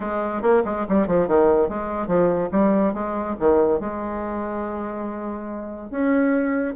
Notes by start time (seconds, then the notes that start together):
0.00 G#3
0.41 A#3
0.65 G#3
0.88 G3
1.07 F3
1.27 D#3
1.69 G#3
2.07 F3
2.51 G3
2.93 G#3
3.39 D#3
3.80 G#3
5.90 C#4